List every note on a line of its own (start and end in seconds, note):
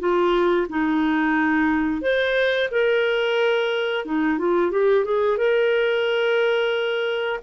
0.00 0.67 F4
0.70 2.02 D#4
2.02 2.70 C5
2.72 4.06 A#4
4.06 4.39 D#4
4.39 4.71 F4
4.71 5.05 G4
5.05 5.38 G#4
5.38 7.40 A#4